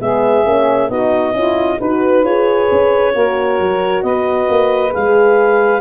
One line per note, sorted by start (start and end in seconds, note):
0.00 0.45 G#3
0.00 0.44 B3
0.00 0.88 G#4
0.00 0.90 E5
0.44 0.90 A#3
0.44 0.89 C#4
0.88 1.34 B3
0.88 1.33 D#4
0.88 1.33 F#4
0.88 1.79 D#5
1.33 1.78 C#4
1.33 1.78 E4
1.33 1.79 F4
1.79 2.24 D#4
1.79 2.25 F#4
1.79 3.13 B4
1.79 2.24 B4
2.24 2.69 F4
2.24 3.14 G#4
2.24 4.03 C#5
2.71 3.15 C#4
3.14 3.59 A#3
3.14 4.90 F#4
3.14 4.03 A#4
3.59 4.03 F#3
4.03 4.48 B3
4.03 5.81 B4
4.03 4.92 D#5
4.49 4.94 A#3
4.90 5.81 G#3
4.90 5.80 G#4
4.90 5.81 F5